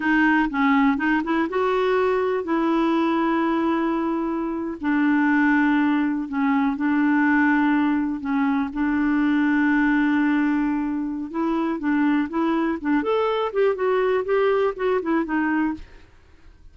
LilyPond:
\new Staff \with { instrumentName = "clarinet" } { \time 4/4 \tempo 4 = 122 dis'4 cis'4 dis'8 e'8 fis'4~ | fis'4 e'2.~ | e'4.~ e'16 d'2~ d'16~ | d'8. cis'4 d'2~ d'16~ |
d'8. cis'4 d'2~ d'16~ | d'2. e'4 | d'4 e'4 d'8 a'4 g'8 | fis'4 g'4 fis'8 e'8 dis'4 | }